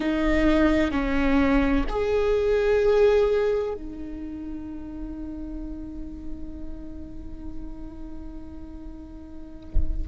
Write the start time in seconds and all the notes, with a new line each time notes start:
0.00 D#4
0.91 C#4
1.89 G#4
3.74 D#4